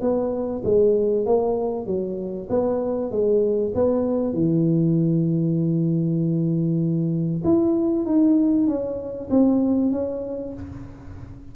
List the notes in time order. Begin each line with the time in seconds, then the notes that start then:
0.00 B3
0.64 G#3
1.25 A#3
1.86 F#3
2.49 B3
3.10 G#3
3.74 B3
4.33 E3
7.44 E4
8.05 D#4
8.67 C#4
9.30 C4
9.91 C#4